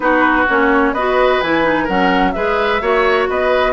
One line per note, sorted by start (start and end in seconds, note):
0.00 0.46 B3
0.00 0.46 D#4
0.00 0.93 F#4
0.00 0.47 B4
0.49 0.92 A#3
0.49 0.95 C#4
0.49 0.93 C#5
0.92 1.39 B3
0.92 1.43 F#4
0.92 1.84 B4
0.92 1.40 D#5
1.40 1.88 E3
1.40 1.63 E4
1.40 1.87 G#5
1.63 1.87 D#4
1.84 2.35 F#3
1.84 2.34 C#4
1.84 2.31 A#4
1.84 2.32 F#5
2.32 2.81 G#3
2.32 2.81 G#4
2.32 2.81 B4
2.32 3.25 E5
2.81 3.28 A#3
2.81 3.72 F#4
2.81 3.28 C#5
3.29 3.72 B3
3.29 3.72 B4
3.29 3.72 D#5